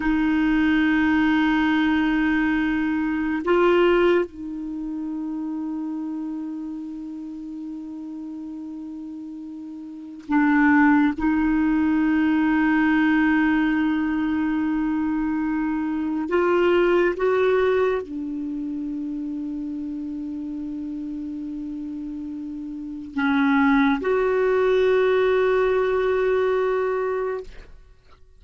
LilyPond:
\new Staff \with { instrumentName = "clarinet" } { \time 4/4 \tempo 4 = 70 dis'1 | f'4 dis'2.~ | dis'1 | d'4 dis'2.~ |
dis'2. f'4 | fis'4 d'2.~ | d'2. cis'4 | fis'1 | }